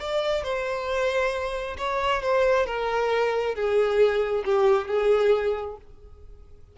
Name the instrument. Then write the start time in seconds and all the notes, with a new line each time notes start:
violin
0.00 D5
0.44 C5
1.78 C#5
2.22 C5
2.67 A#4
3.55 G#4
4.45 G4
4.88 G#4